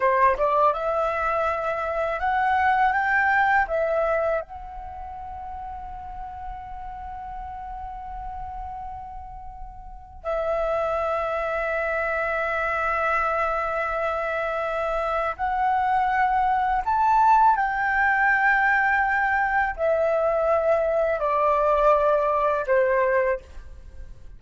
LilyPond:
\new Staff \with { instrumentName = "flute" } { \time 4/4 \tempo 4 = 82 c''8 d''8 e''2 fis''4 | g''4 e''4 fis''2~ | fis''1~ | fis''2 e''2~ |
e''1~ | e''4 fis''2 a''4 | g''2. e''4~ | e''4 d''2 c''4 | }